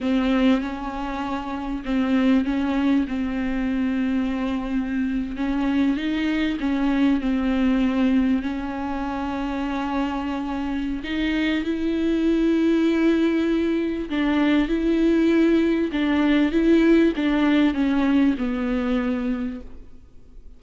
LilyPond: \new Staff \with { instrumentName = "viola" } { \time 4/4 \tempo 4 = 98 c'4 cis'2 c'4 | cis'4 c'2.~ | c'8. cis'4 dis'4 cis'4 c'16~ | c'4.~ c'16 cis'2~ cis'16~ |
cis'2 dis'4 e'4~ | e'2. d'4 | e'2 d'4 e'4 | d'4 cis'4 b2 | }